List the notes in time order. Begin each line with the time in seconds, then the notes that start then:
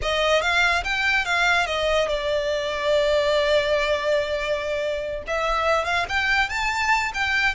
0.02 D#5
0.41 F5
0.84 G5
1.25 F5
1.66 D#5
2.08 D5
5.27 E5
5.84 F5
6.08 G5
6.49 A5
7.14 G5